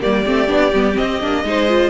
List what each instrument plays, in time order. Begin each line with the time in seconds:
0.00 cello G3, viola A#3, violin G4 D5
0.26 cello A3, viola C4
0.48 cello B3, viola D4
0.73 cello G3, viola B3
0.94 viola C4, violin D#5
1.01 cello C4
1.21 cello A#3, viola D4
1.44 cello G#3, viola D#4, violin C5
1.69 viola F4